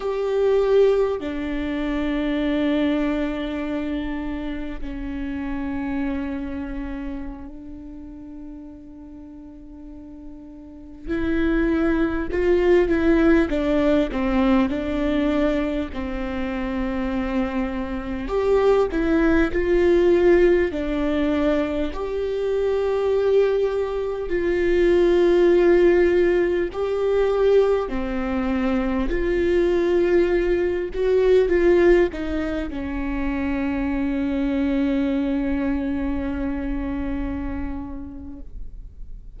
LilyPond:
\new Staff \with { instrumentName = "viola" } { \time 4/4 \tempo 4 = 50 g'4 d'2. | cis'2~ cis'16 d'4.~ d'16~ | d'4~ d'16 e'4 f'8 e'8 d'8 c'16~ | c'16 d'4 c'2 g'8 e'16~ |
e'16 f'4 d'4 g'4.~ g'16~ | g'16 f'2 g'4 c'8.~ | c'16 f'4. fis'8 f'8 dis'8 cis'8.~ | cis'1 | }